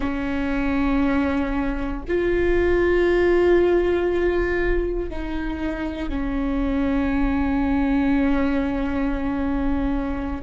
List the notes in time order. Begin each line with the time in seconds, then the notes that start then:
0.00 C#4
2.08 F4
5.09 D#4
6.09 C#4